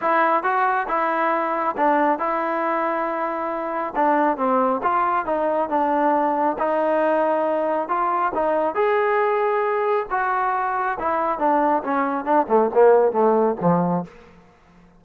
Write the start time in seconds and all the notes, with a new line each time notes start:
0.01 E4
0.43 F#4
0.88 E4
1.76 D4
2.18 E4
3.95 D4
4.37 C4
4.83 F4
5.25 D#4
5.69 D4
6.58 D#4
7.88 F4
8.34 D#4
8.75 G#4
10.10 F#4
10.99 E4
11.38 D4
11.83 C#4
12.24 D4
12.48 A3
12.73 A#3
13.11 A3
13.60 F3